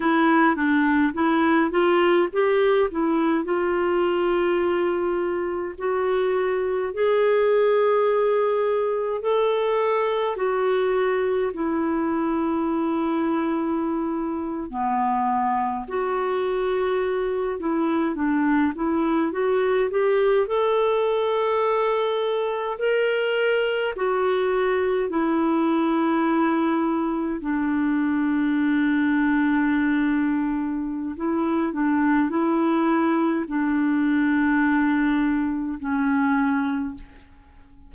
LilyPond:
\new Staff \with { instrumentName = "clarinet" } { \time 4/4 \tempo 4 = 52 e'8 d'8 e'8 f'8 g'8 e'8 f'4~ | f'4 fis'4 gis'2 | a'4 fis'4 e'2~ | e'8. b4 fis'4. e'8 d'16~ |
d'16 e'8 fis'8 g'8 a'2 ais'16~ | ais'8. fis'4 e'2 d'16~ | d'2. e'8 d'8 | e'4 d'2 cis'4 | }